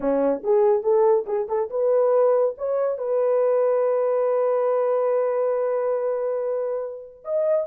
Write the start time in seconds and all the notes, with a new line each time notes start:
0.00 C#4
0.43 G#4
0.82 A4
1.26 G#4
1.48 A4
1.70 B4
2.57 C#5
2.98 B4
7.24 D#5